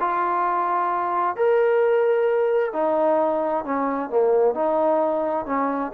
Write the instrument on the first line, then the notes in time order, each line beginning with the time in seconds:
trombone
0.00 F4
1.37 A#4
2.73 D#4
3.65 C#4
4.10 A#3
4.55 D#4
5.46 C#4